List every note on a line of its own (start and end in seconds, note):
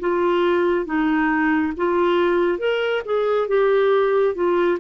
0.00 0.86 F4
0.86 1.73 D#4
1.77 2.58 F4
2.58 3.02 A#4
3.05 3.48 G#4
3.48 4.34 G4
4.34 4.78 F4